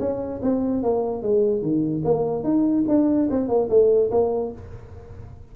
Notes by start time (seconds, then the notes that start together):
0.00 C#4
0.43 C4
0.83 A#3
1.23 G#3
1.62 D#3
2.05 A#3
2.44 D#4
2.88 D4
3.31 C4
3.49 A#3
3.70 A3
4.11 A#3